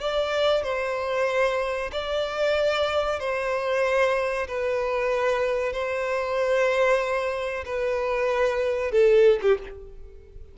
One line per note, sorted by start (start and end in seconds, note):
0.00 0.63 D5
0.63 1.91 C5
1.92 3.20 D5
3.20 4.48 C5
4.48 5.73 B4
5.73 7.65 C5
7.66 8.92 B4
8.92 9.40 A4
9.42 9.58 G4